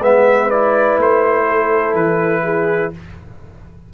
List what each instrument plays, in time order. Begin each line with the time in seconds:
0.00 tuba G#3, trombone B3, horn B4, trumpet E5
0.50 trombone E4, trumpet D5
0.98 tuba A3, trumpet C5
1.47 horn A4
1.94 tuba E3, trumpet B4
2.43 horn G#4